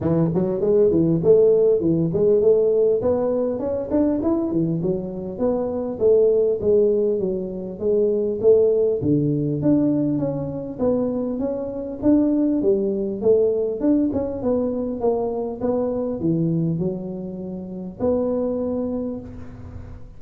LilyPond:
\new Staff \with { instrumentName = "tuba" } { \time 4/4 \tempo 4 = 100 e8 fis8 gis8 e8 a4 e8 gis8 | a4 b4 cis'8 d'8 e'8 e8 | fis4 b4 a4 gis4 | fis4 gis4 a4 d4 |
d'4 cis'4 b4 cis'4 | d'4 g4 a4 d'8 cis'8 | b4 ais4 b4 e4 | fis2 b2 | }